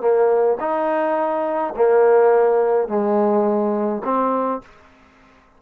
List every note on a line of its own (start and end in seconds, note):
0.00 0.57 A#3
0.59 1.74 D#4
1.76 2.88 A#3
2.88 4.02 G#3
4.04 4.62 C4